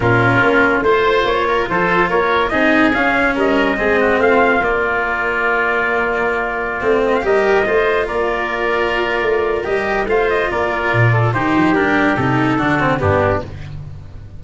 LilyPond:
<<
  \new Staff \with { instrumentName = "trumpet" } { \time 4/4 \tempo 4 = 143 ais'2 c''4 cis''4 | c''4 cis''4 dis''4 f''4 | dis''2 f''4 d''4~ | d''1~ |
d''8. dis''16 f''16 dis''2 d''8.~ | d''2. dis''4 | f''8 dis''8 d''2 c''4 | ais'4 a'2 g'4 | }
  \new Staff \with { instrumentName = "oboe" } { \time 4/4 f'2 c''4. ais'8 | a'4 ais'4 gis'2 | ais'4 gis'8 fis'8 f'2~ | f'1~ |
f'4~ f'16 ais'4 c''4 ais'8.~ | ais'1 | c''4 ais'4. a'8 g'4~ | g'2 fis'4 d'4 | }
  \new Staff \with { instrumentName = "cello" } { \time 4/4 cis'2 f'2~ | f'2 dis'4 cis'4~ | cis'4 c'2 ais4~ | ais1~ |
ais16 c'4 g'4 f'4.~ f'16~ | f'2. g'4 | f'2. dis'4 | d'4 dis'4 d'8 c'8 b4 | }
  \new Staff \with { instrumentName = "tuba" } { \time 4/4 ais,4 ais4 a4 ais4 | f4 ais4 c'4 cis'4 | g4 gis4 a4 ais4~ | ais1~ |
ais16 a4 g4 a4 ais8.~ | ais2 a4 g4 | a4 ais4 ais,4 dis8 f8 | g4 c4 d4 g,4 | }
>>